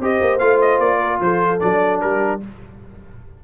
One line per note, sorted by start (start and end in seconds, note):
0.00 0.20 C4
0.00 0.40 G4
0.00 0.99 C5
0.00 0.39 D#5
0.21 0.41 A#3
0.39 0.80 A3
0.39 1.60 F4
0.39 0.59 F5
0.61 0.80 D#5
0.80 1.20 A#3
0.80 1.20 D5
0.99 1.19 A#4
1.20 1.60 F3
1.20 2.04 A4
1.20 1.60 C5
1.60 2.03 F#3
1.60 2.40 D4
1.60 2.00 D5
2.01 2.43 G3
2.01 2.44 G4
2.01 2.41 A#4